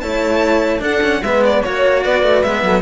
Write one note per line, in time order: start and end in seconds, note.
0.00 0.81 A3
0.00 0.79 E4
0.00 0.82 C#5
0.00 0.81 A5
0.79 0.99 D4
0.79 1.22 D4
0.79 1.22 A4
0.79 1.23 F#5
1.03 1.23 C#4
1.22 1.62 G#3
1.22 1.65 B3
1.22 1.62 B4
1.22 1.43 E5
1.44 1.64 D5
1.62 2.05 A#3
1.62 2.45 F#4
1.62 2.03 C#5
1.62 2.04 C#5
2.03 2.23 B3
2.03 2.63 B4
2.03 2.43 D5
2.23 2.43 A3
2.43 2.63 G#3
2.43 2.81 B3
2.43 2.81 E5
2.63 2.81 F#3
2.63 2.81 A4